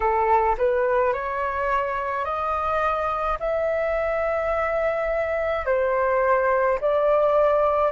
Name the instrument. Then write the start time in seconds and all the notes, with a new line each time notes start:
flute
0.00 A4
0.58 B4
1.13 C#5
2.24 D#5
3.39 E5
5.66 C5
6.80 D5